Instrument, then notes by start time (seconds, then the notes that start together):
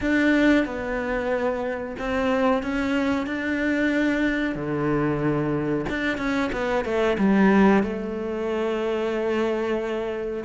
cello
0.01 D4
0.65 B3
1.98 C4
2.63 C#4
3.26 D4
4.55 D3
5.89 D4
6.17 C#4
6.52 B3
6.84 A3
7.17 G3
7.83 A3